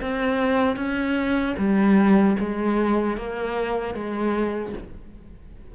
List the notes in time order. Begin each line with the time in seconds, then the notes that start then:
0.00 C4
0.76 C#4
1.58 G3
2.39 G#3
3.17 A#3
3.94 G#3